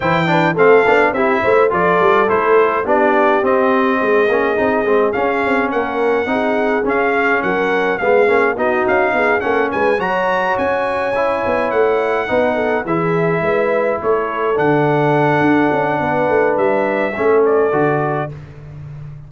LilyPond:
<<
  \new Staff \with { instrumentName = "trumpet" } { \time 4/4 \tempo 4 = 105 g''4 f''4 e''4 d''4 | c''4 d''4 dis''2~ | dis''4 f''4 fis''2 | f''4 fis''4 f''4 dis''8 f''8~ |
f''8 fis''8 gis''8 ais''4 gis''4.~ | gis''8 fis''2 e''4.~ | e''8 cis''4 fis''2~ fis''8~ | fis''4 e''4. d''4. | }
  \new Staff \with { instrumentName = "horn" } { \time 4/4 c''8 b'8 a'4 g'8 c''8 a'4~ | a'4 g'2 gis'4~ | gis'2 ais'4 gis'4~ | gis'4 ais'4 gis'4 fis'4 |
gis'8 a'8 b'8 cis''2~ cis''8~ | cis''4. b'8 a'8 gis'4 b'8~ | b'8 a'2.~ a'8 | b'2 a'2 | }
  \new Staff \with { instrumentName = "trombone" } { \time 4/4 e'8 d'8 c'8 d'8 e'4 f'4 | e'4 d'4 c'4. cis'8 | dis'8 c'8 cis'2 dis'4 | cis'2 b8 cis'8 dis'4~ |
dis'8 cis'4 fis'2 e'8~ | e'4. dis'4 e'4.~ | e'4. d'2~ d'8~ | d'2 cis'4 fis'4 | }
  \new Staff \with { instrumentName = "tuba" } { \time 4/4 e4 a8 b8 c'8 a8 f8 g8 | a4 b4 c'4 gis8 ais8 | c'8 gis8 cis'8 c'8 ais4 c'4 | cis'4 fis4 gis8 ais8 b8 cis'8 |
b8 ais8 gis8 fis4 cis'4. | b8 a4 b4 e4 gis8~ | gis8 a4 d4. d'8 cis'8 | b8 a8 g4 a4 d4 | }
>>